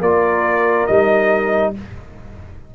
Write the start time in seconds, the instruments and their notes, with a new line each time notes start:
0.00 tuba A#3, trombone F4, horn A#4, trumpet D5
0.87 tuba G3, trombone D#4, trumpet D#5